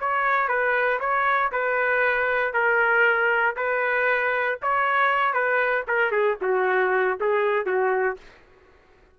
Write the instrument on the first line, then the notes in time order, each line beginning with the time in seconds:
trumpet
0.00 C#5
0.48 B4
1.00 C#5
1.52 B4
2.54 A#4
3.57 B4
4.62 C#5
5.34 B4
5.88 A#4
6.12 G#4
6.42 F#4
7.21 G#4
7.66 F#4